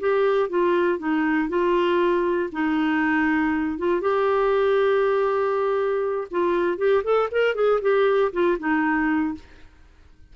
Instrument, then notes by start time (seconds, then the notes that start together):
clarinet
0.00 G4
0.50 F4
0.99 D#4
1.49 F4
2.53 D#4
3.79 F4
4.01 G4
6.32 F4
6.78 G4
7.04 A4
7.32 A#4
7.55 G#4
7.82 G4
8.33 F4
8.59 D#4